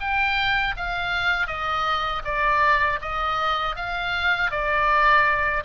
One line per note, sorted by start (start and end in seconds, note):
0.00 0.75 G5
0.76 1.47 F5
1.47 2.22 D#5
2.24 2.99 D5
3.01 3.76 D#5
3.76 4.51 F5
4.51 5.63 D5